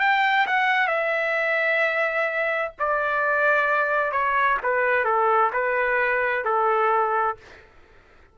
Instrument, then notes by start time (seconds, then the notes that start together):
trumpet
0.00 G5
0.47 F#5
0.87 E5
2.79 D5
4.12 C#5
4.63 B4
5.05 A4
5.53 B4
6.44 A4